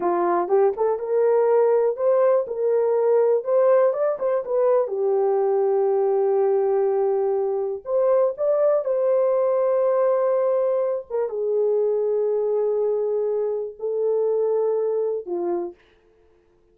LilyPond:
\new Staff \with { instrumentName = "horn" } { \time 4/4 \tempo 4 = 122 f'4 g'8 a'8 ais'2 | c''4 ais'2 c''4 | d''8 c''8 b'4 g'2~ | g'1 |
c''4 d''4 c''2~ | c''2~ c''8 ais'8 gis'4~ | gis'1 | a'2. f'4 | }